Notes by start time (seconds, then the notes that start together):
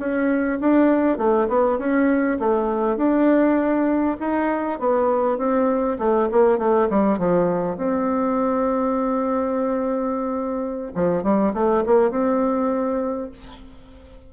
0.00 C#4
0.61 D4
1.18 A3
1.49 B3
1.79 C#4
2.40 A3
2.97 D4
4.20 D#4
4.80 B3
5.38 C4
5.99 A3
6.32 A#3
6.59 A3
6.90 G3
7.19 F3
7.78 C4
10.96 F3
11.24 G3
11.54 A3
11.86 A#3
12.11 C4